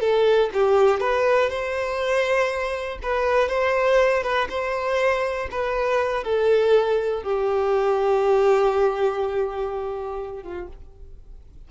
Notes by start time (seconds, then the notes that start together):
0.00 A4
0.53 G4
1.00 B4
1.49 C5
3.02 B4
3.48 C5
4.23 B4
4.49 C5
5.51 B4
6.23 A4
7.23 G4
10.43 F4